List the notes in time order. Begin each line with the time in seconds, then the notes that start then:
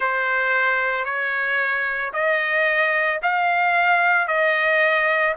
0.00 C5
1.05 C#5
2.13 D#5
3.22 F5
4.27 D#5